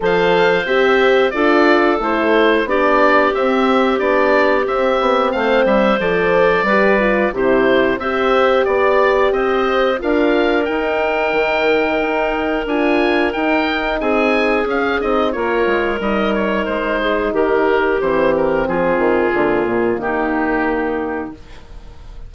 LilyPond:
<<
  \new Staff \with { instrumentName = "oboe" } { \time 4/4 \tempo 4 = 90 f''4 e''4 d''4 c''4 | d''4 e''4 d''4 e''4 | f''8 e''8 d''2 c''4 | e''4 d''4 dis''4 f''4 |
g''2. gis''4 | g''4 gis''4 f''8 dis''8 cis''4 | dis''8 cis''8 c''4 ais'4 c''8 ais'8 | gis'2 g'2 | }
  \new Staff \with { instrumentName = "clarinet" } { \time 4/4 c''2 a'2 | g'1 | c''2 b'4 g'4 | c''4 d''4 c''4 ais'4~ |
ais'1~ | ais'4 gis'2 ais'4~ | ais'4. gis'8 g'2 | f'2 dis'2 | }
  \new Staff \with { instrumentName = "horn" } { \time 4/4 a'4 g'4 f'4 e'4 | d'4 c'4 d'4 c'4~ | c'4 a'4 g'8 f'8 e'4 | g'2. f'4 |
dis'2. f'4 | dis'2 cis'8 dis'8 f'4 | dis'2. c'4~ | c'4 ais2. | }
  \new Staff \with { instrumentName = "bassoon" } { \time 4/4 f4 c'4 d'4 a4 | b4 c'4 b4 c'8 b8 | a8 g8 f4 g4 c4 | c'4 b4 c'4 d'4 |
dis'4 dis4 dis'4 d'4 | dis'4 c'4 cis'8 c'8 ais8 gis8 | g4 gis4 dis4 e4 | f8 dis8 d8 ais,8 dis2 | }
>>